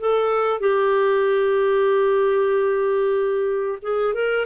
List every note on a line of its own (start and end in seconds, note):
0.00 0.60 A4
0.60 3.79 G4
3.82 4.14 G#4
4.14 4.46 A#4